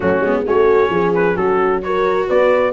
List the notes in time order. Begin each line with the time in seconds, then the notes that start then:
0.00 F#3 A3 C#4 F#4
0.21 G#3 B3
0.46 A3 C#4 F#4 C#5
0.89 F3 G#4
1.14 B4
1.35 F#3 F#4 A4
1.82 F#4 A#4 C#5
2.28 B3 B4 D5